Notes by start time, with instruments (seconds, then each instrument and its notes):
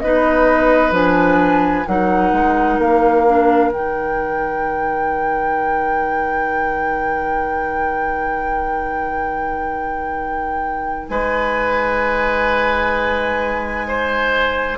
0.00 bassoon B3, clarinet D#4, oboe B4, flute D#5
0.91 bassoon F3, clarinet D4, flute G#5
1.87 bassoon F#3, clarinet D#4, oboe A#4, flute F#5
2.32 bassoon G#3
2.78 bassoon A#3, flute F5
3.27 clarinet D4
3.70 bassoon D#3, clarinet D#4, flute G5
11.08 bassoon G#3, oboe B4, flute G#5
13.88 oboe C5